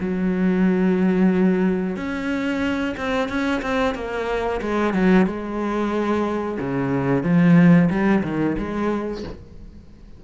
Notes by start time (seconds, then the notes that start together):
0.00 F#3
1.96 C#4
2.97 C4
3.29 C#4
3.62 C4
3.95 A#3
4.61 G#3
4.93 F#3
5.26 G#3
6.59 C#3
7.23 F3
7.90 G3
8.23 D#3
8.58 G#3